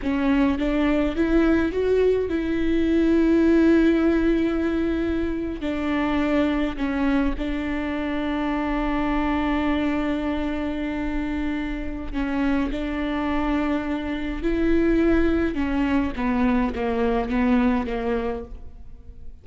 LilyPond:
\new Staff \with { instrumentName = "viola" } { \time 4/4 \tempo 4 = 104 cis'4 d'4 e'4 fis'4 | e'1~ | e'4.~ e'16 d'2 cis'16~ | cis'8. d'2.~ d'16~ |
d'1~ | d'4 cis'4 d'2~ | d'4 e'2 cis'4 | b4 ais4 b4 ais4 | }